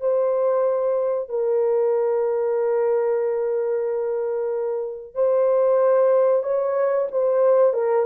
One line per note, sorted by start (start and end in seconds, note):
0.00 1.28 C5
1.28 5.14 A#4
5.14 6.43 C5
6.43 7.07 C#5
7.11 7.73 C5
7.73 8.06 A#4